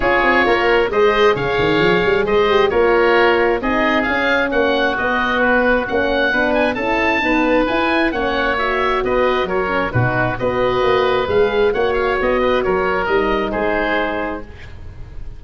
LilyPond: <<
  \new Staff \with { instrumentName = "oboe" } { \time 4/4 \tempo 4 = 133 cis''2 dis''4 f''4~ | f''4 dis''4 cis''2 | dis''4 f''4 fis''4 dis''4 | b'4 fis''4. gis''8 a''4~ |
a''4 gis''4 fis''4 e''4 | dis''4 cis''4 b'4 dis''4~ | dis''4 f''4 fis''8 f''8 dis''4 | cis''4 dis''4 c''2 | }
  \new Staff \with { instrumentName = "oboe" } { \time 4/4 gis'4 ais'4 c''4 cis''4~ | cis''4 c''4 ais'2 | gis'2 fis'2~ | fis'2 b'4 a'4 |
b'2 cis''2 | b'4 ais'4 fis'4 b'4~ | b'2 cis''4. b'8 | ais'2 gis'2 | }
  \new Staff \with { instrumentName = "horn" } { \time 4/4 f'2 gis'2~ | gis'4. g'8 f'2 | dis'4 cis'2 b4~ | b4 cis'4 d'4 e'4 |
b4 e'4 cis'4 fis'4~ | fis'4. cis'8 dis'4 fis'4~ | fis'4 gis'4 fis'2~ | fis'4 dis'2. | }
  \new Staff \with { instrumentName = "tuba" } { \time 4/4 cis'8 c'8 ais4 gis4 cis8 dis8 | f8 g8 gis4 ais2 | c'4 cis'4 ais4 b4~ | b4 ais4 b4 cis'4 |
dis'4 e'4 ais2 | b4 fis4 b,4 b4 | ais4 gis4 ais4 b4 | fis4 g4 gis2 | }
>>